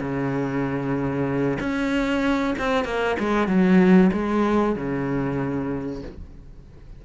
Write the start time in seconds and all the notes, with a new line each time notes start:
0.00 C#3
1.60 C#4
2.59 C4
2.84 A#3
3.19 G#3
3.47 F#3
4.13 G#3
4.76 C#3